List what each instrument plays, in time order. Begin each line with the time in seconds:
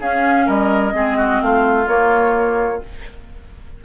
0.00 clarinet C#4, bassoon C#4, oboe G#4, flute F5
0.46 bassoon G3, oboe A#4, flute D#5
0.93 bassoon G#3, clarinet C4, oboe G#4
1.18 oboe F#4
1.42 bassoon A3, oboe F4, flute F5
1.87 clarinet A#3, bassoon A#3, flute C#5